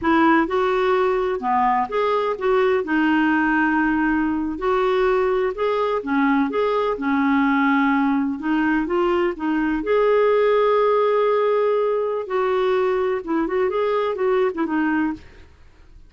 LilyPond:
\new Staff \with { instrumentName = "clarinet" } { \time 4/4 \tempo 4 = 127 e'4 fis'2 b4 | gis'4 fis'4 dis'2~ | dis'4.~ dis'16 fis'2 gis'16~ | gis'8. cis'4 gis'4 cis'4~ cis'16~ |
cis'4.~ cis'16 dis'4 f'4 dis'16~ | dis'8. gis'2.~ gis'16~ | gis'2 fis'2 | e'8 fis'8 gis'4 fis'8. e'16 dis'4 | }